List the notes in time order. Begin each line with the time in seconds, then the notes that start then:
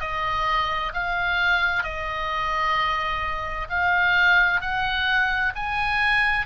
0.00 D#5
0.93 F5
1.83 D#5
3.69 F5
4.60 F#5
5.55 G#5